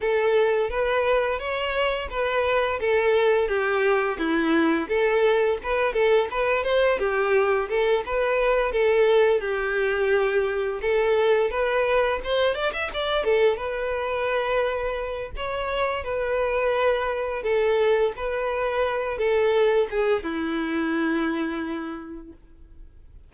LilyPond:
\new Staff \with { instrumentName = "violin" } { \time 4/4 \tempo 4 = 86 a'4 b'4 cis''4 b'4 | a'4 g'4 e'4 a'4 | b'8 a'8 b'8 c''8 g'4 a'8 b'8~ | b'8 a'4 g'2 a'8~ |
a'8 b'4 c''8 d''16 e''16 d''8 a'8 b'8~ | b'2 cis''4 b'4~ | b'4 a'4 b'4. a'8~ | a'8 gis'8 e'2. | }